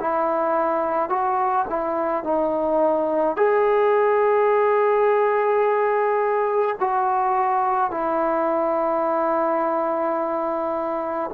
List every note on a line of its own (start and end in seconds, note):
0.00 1.10 E4
1.10 1.66 F#4
1.69 2.24 E4
2.24 3.37 D#4
3.37 6.76 G#4
6.80 7.91 F#4
7.91 11.31 E4